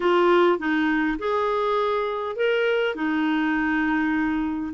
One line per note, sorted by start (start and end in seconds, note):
0.00 0.58 F4
0.58 1.18 D#4
1.19 2.36 G#4
2.36 2.95 A#4
2.95 4.73 D#4